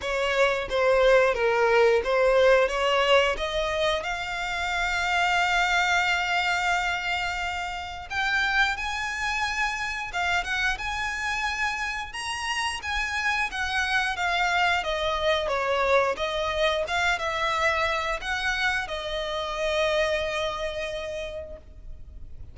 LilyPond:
\new Staff \with { instrumentName = "violin" } { \time 4/4 \tempo 4 = 89 cis''4 c''4 ais'4 c''4 | cis''4 dis''4 f''2~ | f''1 | g''4 gis''2 f''8 fis''8 |
gis''2 ais''4 gis''4 | fis''4 f''4 dis''4 cis''4 | dis''4 f''8 e''4. fis''4 | dis''1 | }